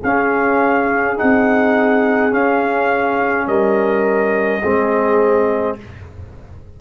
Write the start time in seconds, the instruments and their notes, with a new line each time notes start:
0.00 tuba C#4, trombone C#4, horn G#4, trumpet F5
1.17 tuba C4, trombone D#4, trumpet F#5
2.31 trombone C#4, tuba C#4, trumpet F5
3.47 tuba G3, horn A#4, trumpet D#5
4.62 tuba G#3, trombone C4, horn G#4